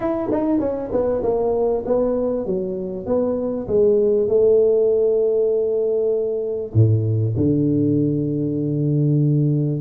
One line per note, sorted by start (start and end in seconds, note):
0.00 0.29 E4
0.31 0.59 D#4
0.59 0.90 C#4
0.92 1.22 B3
1.22 1.84 A#3
1.85 2.45 B3
2.45 3.06 F#3
3.06 3.67 B3
3.67 4.28 G#3
4.28 6.73 A3
6.74 7.35 A2
7.36 9.80 D3